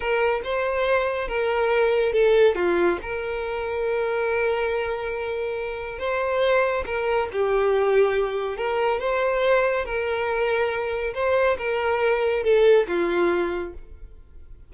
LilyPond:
\new Staff \with { instrumentName = "violin" } { \time 4/4 \tempo 4 = 140 ais'4 c''2 ais'4~ | ais'4 a'4 f'4 ais'4~ | ais'1~ | ais'2 c''2 |
ais'4 g'2. | ais'4 c''2 ais'4~ | ais'2 c''4 ais'4~ | ais'4 a'4 f'2 | }